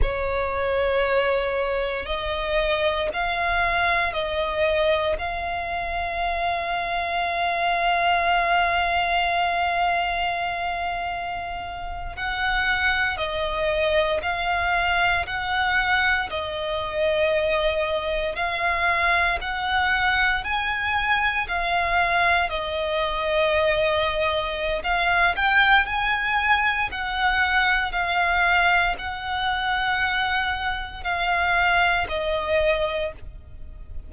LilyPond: \new Staff \with { instrumentName = "violin" } { \time 4/4 \tempo 4 = 58 cis''2 dis''4 f''4 | dis''4 f''2.~ | f''2.~ f''8. fis''16~ | fis''8. dis''4 f''4 fis''4 dis''16~ |
dis''4.~ dis''16 f''4 fis''4 gis''16~ | gis''8. f''4 dis''2~ dis''16 | f''8 g''8 gis''4 fis''4 f''4 | fis''2 f''4 dis''4 | }